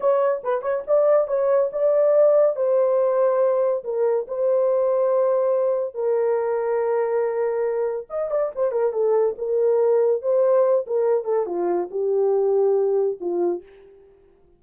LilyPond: \new Staff \with { instrumentName = "horn" } { \time 4/4 \tempo 4 = 141 cis''4 b'8 cis''8 d''4 cis''4 | d''2 c''2~ | c''4 ais'4 c''2~ | c''2 ais'2~ |
ais'2. dis''8 d''8 | c''8 ais'8 a'4 ais'2 | c''4. ais'4 a'8 f'4 | g'2. f'4 | }